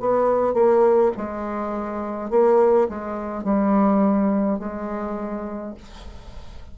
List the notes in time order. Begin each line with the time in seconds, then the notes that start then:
0.00 B3
0.54 A#3
1.17 G#3
2.30 A#3
2.89 G#3
3.44 G3
4.59 G#3